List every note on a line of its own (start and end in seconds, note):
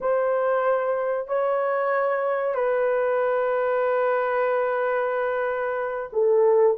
0.01 1.27 C5
1.27 2.55 C#5
2.55 6.09 B4
6.12 6.77 A4